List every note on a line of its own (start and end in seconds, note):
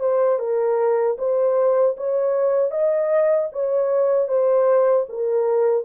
0.00 0.39 C5
0.39 1.17 A#4
1.18 1.96 C5
1.97 2.71 C#5
2.71 3.49 D#5
3.52 4.28 C#5
4.28 5.06 C5
5.09 5.84 A#4